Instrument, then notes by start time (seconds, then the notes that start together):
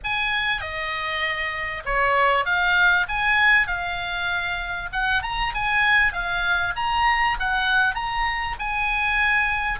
oboe
0.03 G#5
0.60 D#5
1.85 C#5
2.45 F5
3.08 G#5
3.67 F5
4.92 F#5
5.22 A#5
5.54 G#5
6.12 F5
6.75 A#5
7.39 F#5
7.94 A#5
8.59 G#5